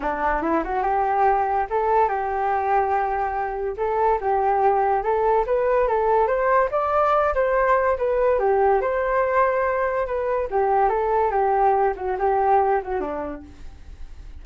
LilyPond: \new Staff \with { instrumentName = "flute" } { \time 4/4 \tempo 4 = 143 d'4 e'8 fis'8 g'2 | a'4 g'2.~ | g'4 a'4 g'2 | a'4 b'4 a'4 c''4 |
d''4. c''4. b'4 | g'4 c''2. | b'4 g'4 a'4 g'4~ | g'8 fis'8 g'4. fis'8 d'4 | }